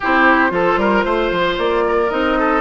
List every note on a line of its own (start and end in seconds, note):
0.00 0.50 C4
0.00 0.49 E4
0.00 0.51 G4
0.00 1.58 C5
0.49 0.77 F3
0.49 2.07 F4
0.49 0.79 A4
0.77 1.03 G3
0.77 1.05 A#4
1.04 1.31 A3
1.04 1.84 C5
1.31 1.58 F3
1.58 2.10 A#3
1.58 2.10 D5
1.87 2.38 A#4
2.10 2.61 C4
2.10 2.61 D#4
2.10 2.61 D#5
2.38 2.61 A4